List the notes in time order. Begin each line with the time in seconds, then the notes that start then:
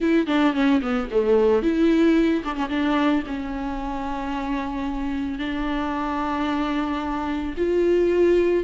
0.00 E4
0.27 D4
0.53 C#4
0.81 B3
1.10 A3
1.62 E4
2.44 D4
2.55 C#4
2.69 D4
3.27 C#4
5.38 D4
7.57 F4